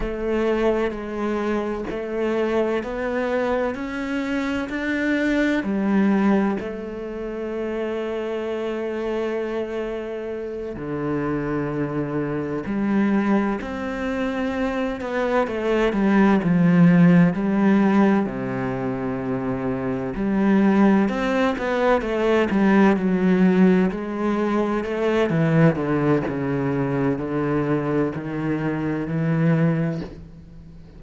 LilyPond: \new Staff \with { instrumentName = "cello" } { \time 4/4 \tempo 4 = 64 a4 gis4 a4 b4 | cis'4 d'4 g4 a4~ | a2.~ a8 d8~ | d4. g4 c'4. |
b8 a8 g8 f4 g4 c8~ | c4. g4 c'8 b8 a8 | g8 fis4 gis4 a8 e8 d8 | cis4 d4 dis4 e4 | }